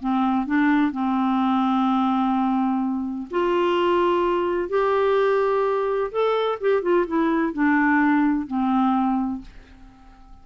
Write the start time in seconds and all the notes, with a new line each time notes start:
0.00 C4
0.47 D4
0.92 C4
3.31 F4
4.69 G4
6.12 A4
6.61 G4
6.82 F4
7.07 E4
7.53 D4
8.47 C4